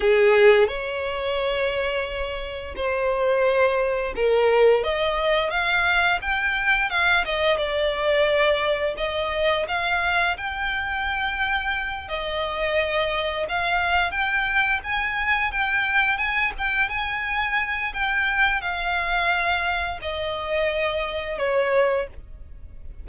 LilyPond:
\new Staff \with { instrumentName = "violin" } { \time 4/4 \tempo 4 = 87 gis'4 cis''2. | c''2 ais'4 dis''4 | f''4 g''4 f''8 dis''8 d''4~ | d''4 dis''4 f''4 g''4~ |
g''4. dis''2 f''8~ | f''8 g''4 gis''4 g''4 gis''8 | g''8 gis''4. g''4 f''4~ | f''4 dis''2 cis''4 | }